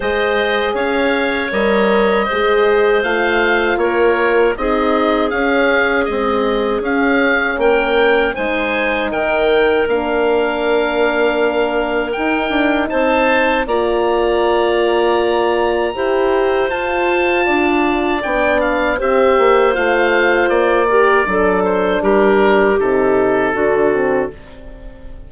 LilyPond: <<
  \new Staff \with { instrumentName = "oboe" } { \time 4/4 \tempo 4 = 79 dis''4 f''4 dis''2 | f''4 cis''4 dis''4 f''4 | dis''4 f''4 g''4 gis''4 | g''4 f''2. |
g''4 a''4 ais''2~ | ais''2 a''2 | g''8 f''8 e''4 f''4 d''4~ | d''8 c''8 ais'4 a'2 | }
  \new Staff \with { instrumentName = "clarinet" } { \time 4/4 c''4 cis''2 c''4~ | c''4 ais'4 gis'2~ | gis'2 ais'4 c''4 | ais'1~ |
ais'4 c''4 d''2~ | d''4 c''2 d''4~ | d''4 c''2~ c''8 ais'8 | a'4 g'2 fis'4 | }
  \new Staff \with { instrumentName = "horn" } { \time 4/4 gis'2 ais'4 gis'4 | f'2 dis'4 cis'4 | gis4 cis'2 dis'4~ | dis'4 d'2. |
dis'2 f'2~ | f'4 g'4 f'2 | d'4 g'4 f'4. g'8 | d'2 dis'4 d'8 c'8 | }
  \new Staff \with { instrumentName = "bassoon" } { \time 4/4 gis4 cis'4 g4 gis4 | a4 ais4 c'4 cis'4 | c'4 cis'4 ais4 gis4 | dis4 ais2. |
dis'8 d'8 c'4 ais2~ | ais4 e'4 f'4 d'4 | b4 c'8 ais8 a4 ais4 | fis4 g4 c4 d4 | }
>>